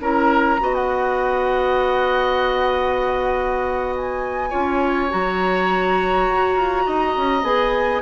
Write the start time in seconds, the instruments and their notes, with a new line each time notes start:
0.00 bassoon C#4, clarinet E4, oboe A#4, flute A#5
0.60 bassoon B3, clarinet F#4, oboe D#5
0.74 flute F#5
3.96 flute G#5
4.50 bassoon C#4, clarinet F4, oboe C#5
5.10 bassoon F#3, clarinet F#4, flute A#5
6.29 bassoon F#4
6.56 bassoon F4
6.87 bassoon D#4, oboe D#5
7.17 bassoon C#4
7.43 bassoon B3, clarinet G#4, flute G#5